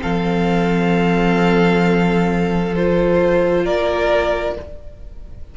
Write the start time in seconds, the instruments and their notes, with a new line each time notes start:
0.00 cello F3, viola C4, violin A4 F5
2.75 viola F4, violin C5
3.63 cello A#3, violin A#4 D5